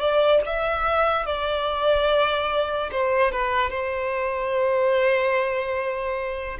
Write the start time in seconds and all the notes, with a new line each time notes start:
0.00 D5
0.46 E5
1.26 D5
2.91 C5
3.32 B4
3.70 C5